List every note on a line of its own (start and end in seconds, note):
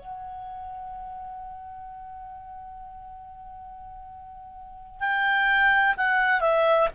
0.00 5.00 F#5
5.00 5.95 G5
5.97 6.41 F#5
6.41 6.88 E5